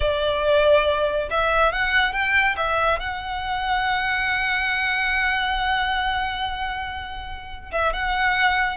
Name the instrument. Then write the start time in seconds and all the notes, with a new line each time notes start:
violin
0.00 D5
1.30 E5
1.72 F#5
2.12 G5
2.56 E5
2.99 F#5
7.71 E5
7.93 F#5